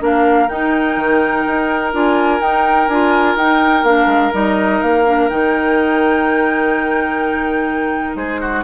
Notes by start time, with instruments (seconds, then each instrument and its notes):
0.00 bassoon A#3, clarinet D4, oboe A#4, flute F5
0.49 clarinet D#4, bassoon D#4, flute G5
0.96 bassoon D#3
1.46 bassoon D#4
1.93 bassoon D4, clarinet F4, flute G#5
2.40 bassoon D#4, clarinet D#4, flute G5
2.87 bassoon D4, clarinet F4, flute G#5
3.35 bassoon D#4, clarinet D#4, flute G5
3.83 bassoon A#3, clarinet D4, flute F5
4.06 bassoon G#3
4.32 bassoon G3, clarinet D#4, flute D#5
4.81 bassoon A#3, flute F5
5.06 clarinet D4
5.29 bassoon D#3, clarinet D#4, flute G5
8.15 bassoon G#3, oboe G#4, flute C5
8.40 oboe F#4